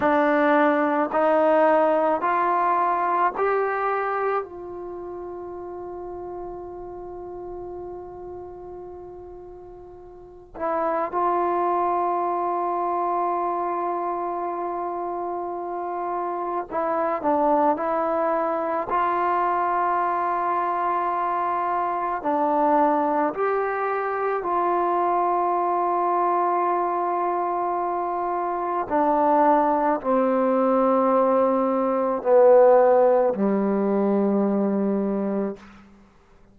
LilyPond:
\new Staff \with { instrumentName = "trombone" } { \time 4/4 \tempo 4 = 54 d'4 dis'4 f'4 g'4 | f'1~ | f'4. e'8 f'2~ | f'2. e'8 d'8 |
e'4 f'2. | d'4 g'4 f'2~ | f'2 d'4 c'4~ | c'4 b4 g2 | }